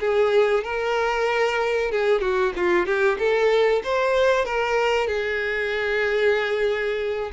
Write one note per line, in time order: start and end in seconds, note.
0.00 0.64 G#4
0.64 1.91 A#4
1.91 2.21 G#4
2.21 2.53 F#4
2.56 2.86 F4
2.86 3.18 G4
3.19 3.83 A4
3.84 4.45 C5
4.45 5.08 A#4
5.08 7.31 G#4